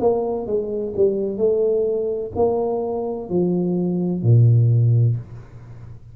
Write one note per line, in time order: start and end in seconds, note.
0.00 0.47 A#3
0.47 0.94 G#3
0.96 1.38 G3
1.38 2.31 A3
2.36 3.29 A#3
3.29 4.23 F3
4.23 5.16 A#2